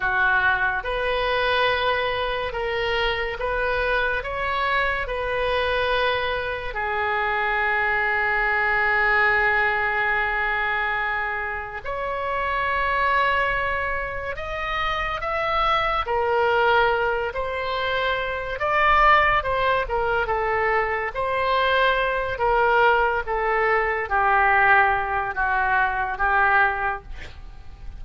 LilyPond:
\new Staff \with { instrumentName = "oboe" } { \time 4/4 \tempo 4 = 71 fis'4 b'2 ais'4 | b'4 cis''4 b'2 | gis'1~ | gis'2 cis''2~ |
cis''4 dis''4 e''4 ais'4~ | ais'8 c''4. d''4 c''8 ais'8 | a'4 c''4. ais'4 a'8~ | a'8 g'4. fis'4 g'4 | }